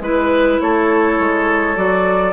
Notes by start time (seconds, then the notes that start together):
0.00 G#3 E4 B4
0.61 A3 A4 C#5
1.19 G#3
1.76 F#3 F#4 D5